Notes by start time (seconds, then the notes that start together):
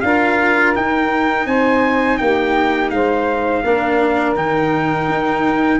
0.00 D4 F4 A#4 F5
0.75 D#4 G5
1.45 C4 C5 G#5
2.17 A#3 G4 G5
2.90 G#3 C5 F5
3.63 A#3 D4 A#4
4.35 D#3 D#4 G5
5.08 D#4